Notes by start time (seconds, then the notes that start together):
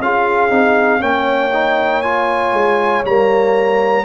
0.00 C#4 F4 G#4 F5
0.50 C4 D#4
1.00 A#3 C#4 C#5 G5
1.53 D#4
2.02 F4 G#5
2.53 G#3
3.05 G3 A#3 A#5